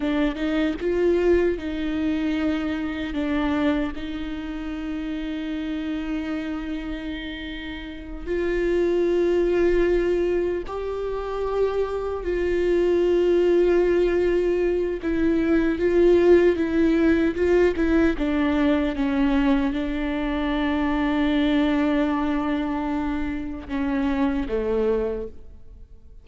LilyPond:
\new Staff \with { instrumentName = "viola" } { \time 4/4 \tempo 4 = 76 d'8 dis'8 f'4 dis'2 | d'4 dis'2.~ | dis'2~ dis'8 f'4.~ | f'4. g'2 f'8~ |
f'2. e'4 | f'4 e'4 f'8 e'8 d'4 | cis'4 d'2.~ | d'2 cis'4 a4 | }